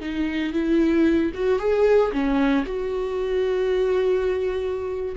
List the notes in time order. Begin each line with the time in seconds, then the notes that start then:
0.00 D#4
0.52 E4
1.34 F#4
1.59 G#4
2.11 C#4
2.66 F#4